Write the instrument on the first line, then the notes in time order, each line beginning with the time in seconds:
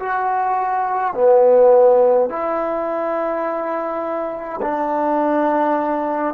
trombone
0.00 F#4
1.14 B3
2.30 E4
4.62 D4